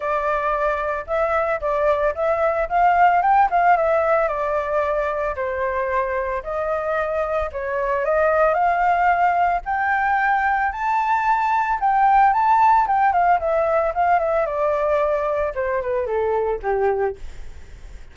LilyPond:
\new Staff \with { instrumentName = "flute" } { \time 4/4 \tempo 4 = 112 d''2 e''4 d''4 | e''4 f''4 g''8 f''8 e''4 | d''2 c''2 | dis''2 cis''4 dis''4 |
f''2 g''2 | a''2 g''4 a''4 | g''8 f''8 e''4 f''8 e''8 d''4~ | d''4 c''8 b'8 a'4 g'4 | }